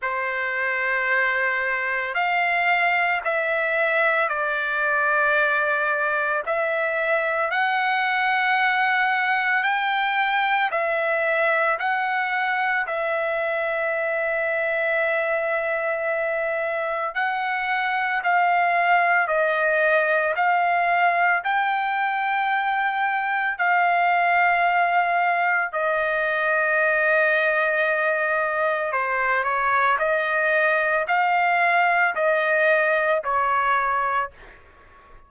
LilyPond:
\new Staff \with { instrumentName = "trumpet" } { \time 4/4 \tempo 4 = 56 c''2 f''4 e''4 | d''2 e''4 fis''4~ | fis''4 g''4 e''4 fis''4 | e''1 |
fis''4 f''4 dis''4 f''4 | g''2 f''2 | dis''2. c''8 cis''8 | dis''4 f''4 dis''4 cis''4 | }